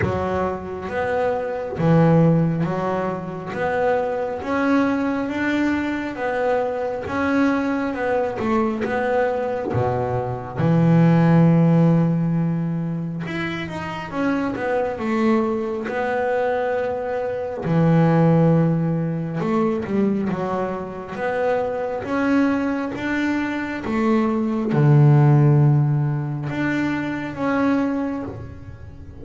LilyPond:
\new Staff \with { instrumentName = "double bass" } { \time 4/4 \tempo 4 = 68 fis4 b4 e4 fis4 | b4 cis'4 d'4 b4 | cis'4 b8 a8 b4 b,4 | e2. e'8 dis'8 |
cis'8 b8 a4 b2 | e2 a8 g8 fis4 | b4 cis'4 d'4 a4 | d2 d'4 cis'4 | }